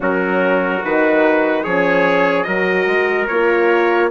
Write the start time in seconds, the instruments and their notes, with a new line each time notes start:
0.00 bassoon F#3, horn C#4, trumpet F#4 A#4
0.83 bassoon D#3, horn D#4, trumpet B4
1.63 bassoon F3, horn C#4, trumpet G#4 C#5
2.43 bassoon F#3, horn F#4, trumpet A#4 D#5
2.86 bassoon G#3
3.27 bassoon A#3, horn F4, trumpet C#5